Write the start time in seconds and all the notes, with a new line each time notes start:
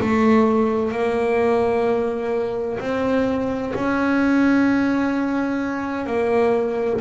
0.00 A3
0.92 A#3
2.80 C4
3.74 C#4
6.06 A#3